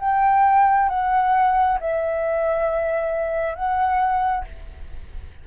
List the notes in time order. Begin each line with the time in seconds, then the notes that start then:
0.00 G5
0.89 F#5
1.80 E5
3.55 F#5